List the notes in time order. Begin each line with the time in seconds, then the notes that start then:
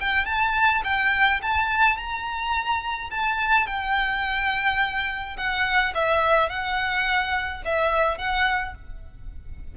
0.00 G5
0.25 A5
0.84 G5
1.42 A5
1.97 A#5
3.11 A5
3.67 G5
5.37 F#5
5.94 E5
6.49 F#5
7.65 E5
8.18 F#5